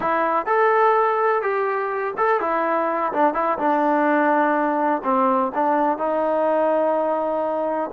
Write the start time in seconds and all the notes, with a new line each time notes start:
0.00 E4
0.46 A4
1.42 G4
2.17 A4
2.40 E4
3.12 D4
3.34 E4
3.58 D4
5.04 C4
5.54 D4
5.98 D#4